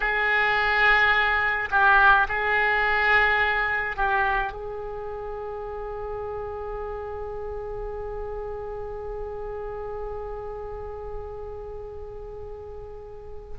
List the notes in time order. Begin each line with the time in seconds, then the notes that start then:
0.00 G#4
1.70 G4
2.28 G#4
3.96 G4
4.52 G#4